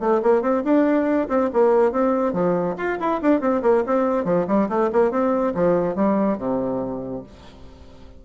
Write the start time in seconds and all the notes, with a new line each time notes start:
0.00 A3
0.22 A#3
0.42 C4
0.64 D4
1.28 C4
1.53 A#3
1.92 C4
2.33 F3
2.77 F4
3.00 E4
3.22 D4
3.41 C4
3.62 A#3
3.86 C4
4.25 F3
4.47 G3
4.69 A3
4.93 A#3
5.11 C4
5.55 F3
5.95 G3
6.38 C3